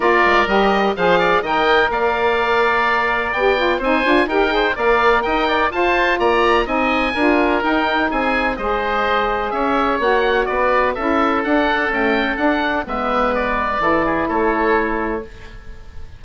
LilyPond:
<<
  \new Staff \with { instrumentName = "oboe" } { \time 4/4 \tempo 4 = 126 d''4 dis''4 f''4 g''4 | f''2. g''4 | gis''4 g''4 f''4 g''4 | a''4 ais''4 gis''2 |
g''4 gis''4 dis''2 | e''4 fis''4 d''4 e''4 | fis''4 g''4 fis''4 e''4 | d''2 cis''2 | }
  \new Staff \with { instrumentName = "oboe" } { \time 4/4 ais'2 c''8 d''8 dis''4 | d''1 | c''4 ais'8 c''8 d''4 dis''8 d''8 | c''4 d''4 dis''4 ais'4~ |
ais'4 gis'4 c''2 | cis''2 b'4 a'4~ | a'2. b'4~ | b'4 a'8 gis'8 a'2 | }
  \new Staff \with { instrumentName = "saxophone" } { \time 4/4 f'4 g'4 gis'4 ais'4~ | ais'2. g'8 f'8 | dis'8 f'8 g'8 gis'8 ais'2 | f'2 dis'4 f'4 |
dis'2 gis'2~ | gis'4 fis'2 e'4 | d'4 a4 d'4 b4~ | b4 e'2. | }
  \new Staff \with { instrumentName = "bassoon" } { \time 4/4 ais8 gis8 g4 f4 dis4 | ais2. b4 | c'8 d'8 dis'4 ais4 dis'4 | f'4 ais4 c'4 d'4 |
dis'4 c'4 gis2 | cis'4 ais4 b4 cis'4 | d'4 cis'4 d'4 gis4~ | gis4 e4 a2 | }
>>